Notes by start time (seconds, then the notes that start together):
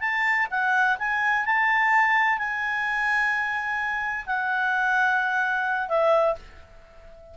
0.00 A5
0.50 F#5
0.98 G#5
1.45 A5
2.38 G#5
4.26 F#5
5.88 E5